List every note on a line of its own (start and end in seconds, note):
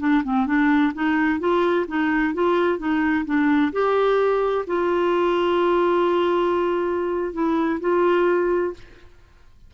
0.00 0.23 D4
0.24 0.47 C4
0.47 0.93 D4
0.94 1.40 D#4
1.40 1.86 F4
1.88 2.34 D#4
2.34 2.79 F4
2.79 3.25 D#4
3.26 3.72 D4
3.73 4.66 G4
4.67 7.34 F4
7.34 7.80 E4
7.81 8.74 F4